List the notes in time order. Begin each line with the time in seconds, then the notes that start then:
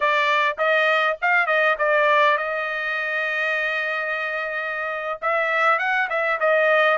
0.00 D5
0.58 D#5
1.21 F5
1.46 D#5
1.78 D5
2.37 D#5
5.21 E5
5.78 F#5
6.09 E5
6.40 D#5